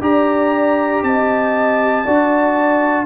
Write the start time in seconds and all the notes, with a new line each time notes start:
0.00 D4 G4 D5 A#5
1.02 C4 D#5 A5
2.04 D4 F#4 D5